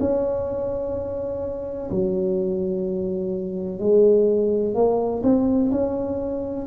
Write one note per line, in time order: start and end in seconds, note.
0.00 1.90 C#4
1.91 3.80 F#3
3.80 4.75 G#3
4.75 5.23 A#3
5.23 5.71 C4
5.71 6.67 C#4